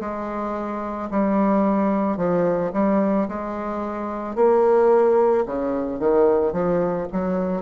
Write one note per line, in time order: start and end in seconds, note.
0.00 1.09 G#3
1.10 2.17 G3
2.17 2.71 F3
2.73 3.27 G3
3.28 4.35 G#3
4.35 5.44 A#3
5.45 5.99 C#3
5.99 6.52 D#3
6.52 7.07 F3
7.12 7.62 F#3